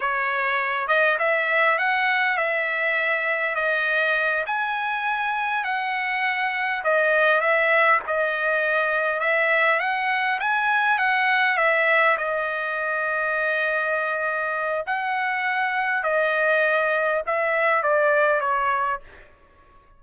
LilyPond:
\new Staff \with { instrumentName = "trumpet" } { \time 4/4 \tempo 4 = 101 cis''4. dis''8 e''4 fis''4 | e''2 dis''4. gis''8~ | gis''4. fis''2 dis''8~ | dis''8 e''4 dis''2 e''8~ |
e''8 fis''4 gis''4 fis''4 e''8~ | e''8 dis''2.~ dis''8~ | dis''4 fis''2 dis''4~ | dis''4 e''4 d''4 cis''4 | }